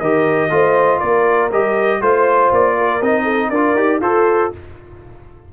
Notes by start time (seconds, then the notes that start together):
0.00 D#3 G4 A#4 D#5
0.50 A3 F4 C5
1.00 A#3 A#4 D5
1.51 G3 G4 D#5
2.01 A3 F4 C5
2.52 A#3 D5
2.77 A#4
3.02 C4 D#4 D#5
3.23 A4
3.50 D4 F4 A#4 D5
3.74 D#4 G4
4.01 F4 A4 C5